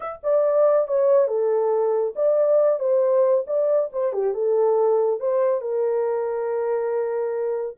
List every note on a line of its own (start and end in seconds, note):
0.00 0.19 E5
0.23 0.87 D5
0.87 1.27 C#5
1.27 2.13 A4
2.15 2.79 D5
2.79 3.44 C5
3.46 3.90 D5
3.92 4.12 C5
4.12 4.34 G4
4.34 5.20 A4
5.20 5.61 C5
5.61 7.77 A#4